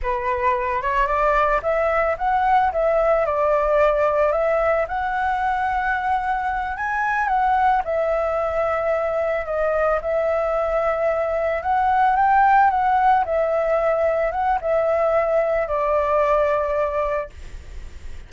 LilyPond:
\new Staff \with { instrumentName = "flute" } { \time 4/4 \tempo 4 = 111 b'4. cis''8 d''4 e''4 | fis''4 e''4 d''2 | e''4 fis''2.~ | fis''8 gis''4 fis''4 e''4.~ |
e''4. dis''4 e''4.~ | e''4. fis''4 g''4 fis''8~ | fis''8 e''2 fis''8 e''4~ | e''4 d''2. | }